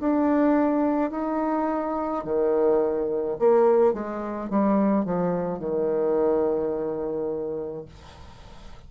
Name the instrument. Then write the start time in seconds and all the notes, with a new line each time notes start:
bassoon
0.00 D4
1.11 D#4
2.24 D#3
3.39 A#3
3.93 G#3
4.50 G3
5.05 F3
5.59 D#3